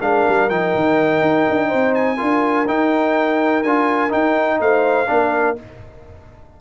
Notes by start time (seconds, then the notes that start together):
0.00 G#3 D4 A#4 F5
0.28 G3
0.50 F3 D#4 G5
0.75 D#3
1.21 D#4
1.50 D4
1.68 C4 C5
1.95 G#5
2.17 D4 F4 A#4
2.68 D#4 G5
3.63 D4 F4 G#5
4.10 D#4 G5
4.60 A3 C5 F5
5.08 A#3 D4 A#4